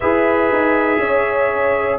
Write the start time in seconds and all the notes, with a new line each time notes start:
0.00 E4 G#4 B4 E5
0.52 D#4
0.97 C#4 C#5